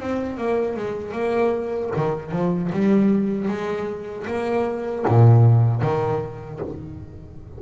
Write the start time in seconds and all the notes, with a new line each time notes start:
0.00 C4
0.38 A#3
0.77 G#3
1.12 A#3
1.96 D#3
2.32 F3
2.72 G3
3.48 G#3
4.27 A#3
5.08 A#2
5.82 D#3